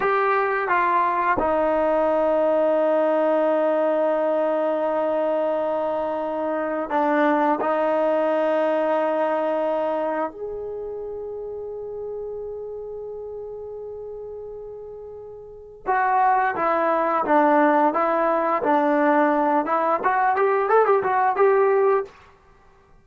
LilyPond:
\new Staff \with { instrumentName = "trombone" } { \time 4/4 \tempo 4 = 87 g'4 f'4 dis'2~ | dis'1~ | dis'2 d'4 dis'4~ | dis'2. gis'4~ |
gis'1~ | gis'2. fis'4 | e'4 d'4 e'4 d'4~ | d'8 e'8 fis'8 g'8 a'16 g'16 fis'8 g'4 | }